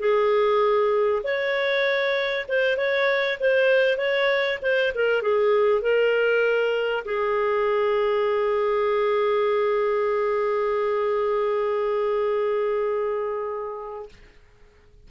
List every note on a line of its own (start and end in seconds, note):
0.00 1.22 G#4
1.24 2.46 C#5
2.49 2.77 C5
2.77 3.39 C#5
3.40 3.98 C5
3.98 4.59 C#5
4.62 4.93 C5
4.95 5.22 A#4
5.22 5.82 G#4
5.82 7.04 A#4
7.05 14.09 G#4